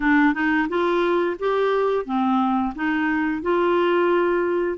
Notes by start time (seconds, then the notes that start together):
0.00 D4
0.34 D#4
0.68 F4
1.39 G4
2.05 C4
2.75 D#4
3.42 F4